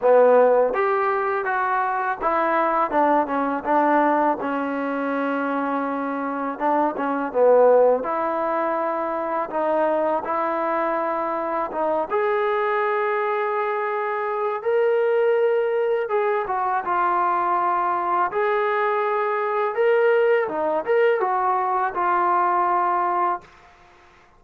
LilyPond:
\new Staff \with { instrumentName = "trombone" } { \time 4/4 \tempo 4 = 82 b4 g'4 fis'4 e'4 | d'8 cis'8 d'4 cis'2~ | cis'4 d'8 cis'8 b4 e'4~ | e'4 dis'4 e'2 |
dis'8 gis'2.~ gis'8 | ais'2 gis'8 fis'8 f'4~ | f'4 gis'2 ais'4 | dis'8 ais'8 fis'4 f'2 | }